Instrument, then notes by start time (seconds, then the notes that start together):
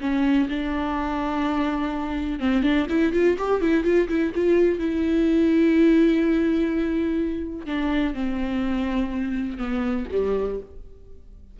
viola
0.00 C#4
0.49 D4
2.39 C4
2.62 D4
2.89 E4
3.12 F4
3.38 G4
3.61 E4
3.84 F4
4.08 E4
4.35 F4
4.79 E4
7.66 D4
8.14 C4
9.58 B3
10.11 G3